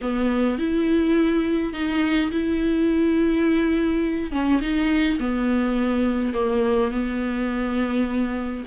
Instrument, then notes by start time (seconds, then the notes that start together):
viola
0.01 B3
0.58 E4
1.73 D#4
2.31 E4
4.31 C#4
4.61 D#4
5.19 B3
6.33 A#3
6.91 B3